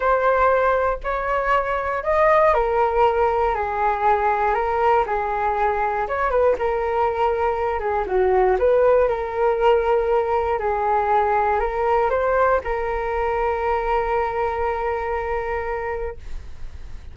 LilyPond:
\new Staff \with { instrumentName = "flute" } { \time 4/4 \tempo 4 = 119 c''2 cis''2 | dis''4 ais'2 gis'4~ | gis'4 ais'4 gis'2 | cis''8 b'8 ais'2~ ais'8 gis'8 |
fis'4 b'4 ais'2~ | ais'4 gis'2 ais'4 | c''4 ais'2.~ | ais'1 | }